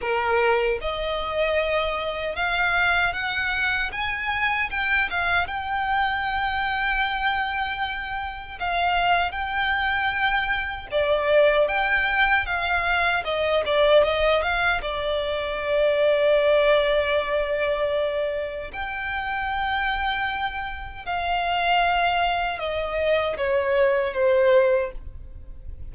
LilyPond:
\new Staff \with { instrumentName = "violin" } { \time 4/4 \tempo 4 = 77 ais'4 dis''2 f''4 | fis''4 gis''4 g''8 f''8 g''4~ | g''2. f''4 | g''2 d''4 g''4 |
f''4 dis''8 d''8 dis''8 f''8 d''4~ | d''1 | g''2. f''4~ | f''4 dis''4 cis''4 c''4 | }